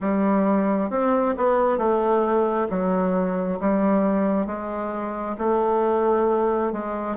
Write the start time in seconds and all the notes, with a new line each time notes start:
0.00 G3
0.90 C4
1.37 B3
1.78 A3
2.69 F#3
3.59 G3
4.46 G#3
5.37 A3
6.72 G#3